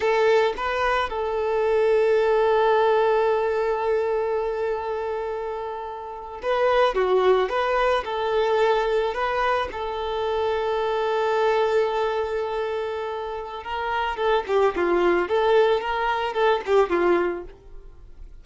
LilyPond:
\new Staff \with { instrumentName = "violin" } { \time 4/4 \tempo 4 = 110 a'4 b'4 a'2~ | a'1~ | a'2.~ a'8. b'16~ | b'8. fis'4 b'4 a'4~ a'16~ |
a'8. b'4 a'2~ a'16~ | a'1~ | a'4 ais'4 a'8 g'8 f'4 | a'4 ais'4 a'8 g'8 f'4 | }